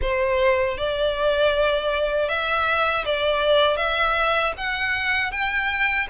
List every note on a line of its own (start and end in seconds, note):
0.01 0.77 C5
0.77 2.28 D5
2.28 3.04 E5
3.05 3.76 D5
3.76 4.52 E5
4.57 5.31 F#5
5.31 6.07 G5